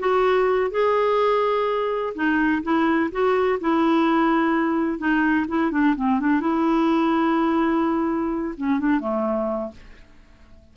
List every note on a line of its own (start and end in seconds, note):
0.00 0.71 F#4
0.71 2.14 G#4
2.15 2.63 D#4
2.63 3.11 E4
3.12 3.60 F#4
3.61 4.99 E4
4.99 5.47 D#4
5.48 5.72 E4
5.72 5.96 D4
5.97 6.20 C4
6.20 6.41 D4
6.41 8.55 E4
8.58 8.80 C#4
8.80 9.00 D4
9.00 9.72 A3